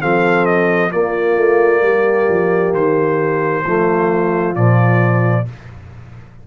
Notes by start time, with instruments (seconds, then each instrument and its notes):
0.00 tuba F3, trombone C4, horn A4, trumpet F5
0.45 trumpet D#5
0.91 trombone A#3, tuba A#3, horn F4, trumpet D5
1.37 tuba A3
1.82 tuba G3, horn G4
2.29 tuba F3
2.73 tuba D#3, trumpet C5
3.65 tuba F3, trombone A3, horn F4
4.55 tuba A#2, trombone F3, trumpet D5